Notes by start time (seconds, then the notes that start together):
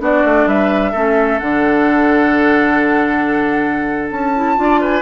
0.00 B3 D4 F#4 D5
0.25 A3
0.47 G3 B4 E5
0.92 A3 C#4 A4
1.40 D3 D4 F#5
4.11 C#4 A5
4.36 E4
4.57 D4 F4 D5
4.81 B4 G#5